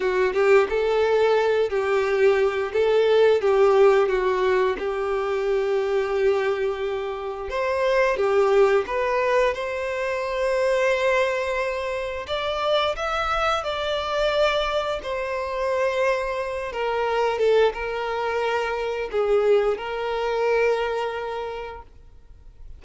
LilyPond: \new Staff \with { instrumentName = "violin" } { \time 4/4 \tempo 4 = 88 fis'8 g'8 a'4. g'4. | a'4 g'4 fis'4 g'4~ | g'2. c''4 | g'4 b'4 c''2~ |
c''2 d''4 e''4 | d''2 c''2~ | c''8 ais'4 a'8 ais'2 | gis'4 ais'2. | }